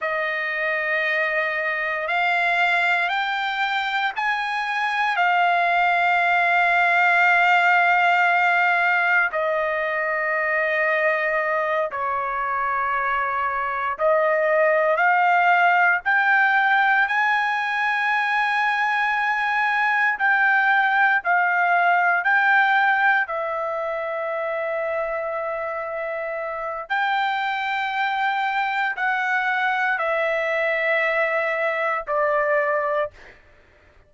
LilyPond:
\new Staff \with { instrumentName = "trumpet" } { \time 4/4 \tempo 4 = 58 dis''2 f''4 g''4 | gis''4 f''2.~ | f''4 dis''2~ dis''8 cis''8~ | cis''4. dis''4 f''4 g''8~ |
g''8 gis''2. g''8~ | g''8 f''4 g''4 e''4.~ | e''2 g''2 | fis''4 e''2 d''4 | }